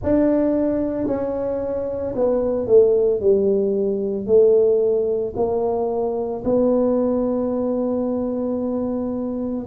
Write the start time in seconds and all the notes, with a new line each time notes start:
0.03 D4
1.07 C#4
2.15 B3
2.66 A3
3.20 G3
4.26 A3
5.36 A#3
6.44 B3